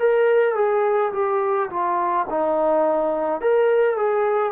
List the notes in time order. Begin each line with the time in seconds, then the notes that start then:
0.00 A#4
0.56 G#4
1.13 G4
1.70 F4
2.31 D#4
3.42 A#4
3.97 G#4